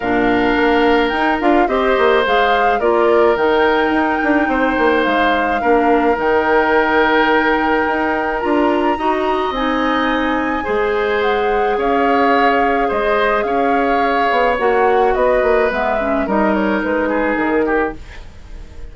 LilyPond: <<
  \new Staff \with { instrumentName = "flute" } { \time 4/4 \tempo 4 = 107 f''2 g''8 f''8 dis''4 | f''4 d''4 g''2~ | g''4 f''2 g''4~ | g''2. ais''4~ |
ais''4 gis''2. | fis''4 f''2 dis''4 | f''2 fis''4 dis''4 | e''4 dis''8 cis''8 b'4 ais'4 | }
  \new Staff \with { instrumentName = "oboe" } { \time 4/4 ais'2. c''4~ | c''4 ais'2. | c''2 ais'2~ | ais'1 |
dis''2. c''4~ | c''4 cis''2 c''4 | cis''2. b'4~ | b'4 ais'4. gis'4 g'8 | }
  \new Staff \with { instrumentName = "clarinet" } { \time 4/4 d'2 dis'8 f'8 g'4 | gis'4 f'4 dis'2~ | dis'2 d'4 dis'4~ | dis'2. f'4 |
fis'4 dis'2 gis'4~ | gis'1~ | gis'2 fis'2 | b8 cis'8 dis'2. | }
  \new Staff \with { instrumentName = "bassoon" } { \time 4/4 ais,4 ais4 dis'8 d'8 c'8 ais8 | gis4 ais4 dis4 dis'8 d'8 | c'8 ais8 gis4 ais4 dis4~ | dis2 dis'4 d'4 |
dis'4 c'2 gis4~ | gis4 cis'2 gis4 | cis'4. b8 ais4 b8 ais8 | gis4 g4 gis4 dis4 | }
>>